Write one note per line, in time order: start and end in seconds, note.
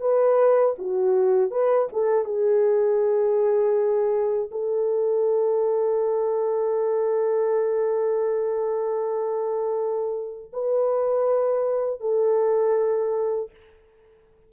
0.00 0.75 B4
0.78 1.50 F#4
1.50 1.88 B4
1.92 2.24 A4
2.24 4.49 G#4
4.51 10.51 A4
10.52 12.00 B4
12.00 13.50 A4